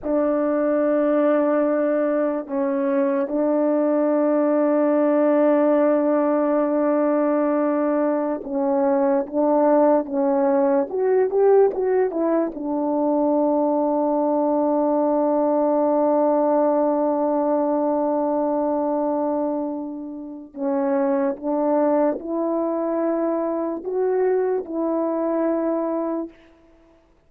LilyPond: \new Staff \with { instrumentName = "horn" } { \time 4/4 \tempo 4 = 73 d'2. cis'4 | d'1~ | d'2~ d'16 cis'4 d'8.~ | d'16 cis'4 fis'8 g'8 fis'8 e'8 d'8.~ |
d'1~ | d'1~ | d'4 cis'4 d'4 e'4~ | e'4 fis'4 e'2 | }